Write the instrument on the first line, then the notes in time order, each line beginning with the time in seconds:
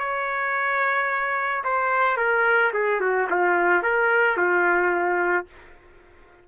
trumpet
0.00 C#5
1.65 C5
2.17 A#4
2.74 G#4
3.01 F#4
3.30 F4
3.83 A#4
4.37 F4